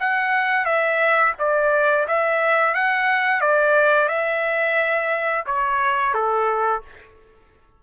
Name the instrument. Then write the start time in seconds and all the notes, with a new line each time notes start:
trumpet
0.00 F#5
0.65 E5
1.39 D5
2.08 E5
2.75 F#5
3.41 D5
4.08 E5
5.46 C#5
6.14 A4